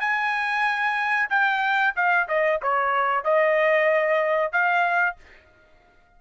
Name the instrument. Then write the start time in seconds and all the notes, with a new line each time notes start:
trumpet
0.00 G#5
1.30 G5
1.96 F5
2.28 D#5
2.62 C#5
3.24 D#5
4.52 F5